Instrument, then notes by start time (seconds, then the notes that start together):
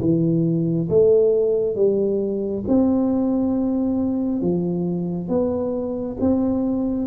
tuba
0.00 E3
0.89 A3
1.75 G3
2.67 C4
4.41 F3
5.28 B3
6.20 C4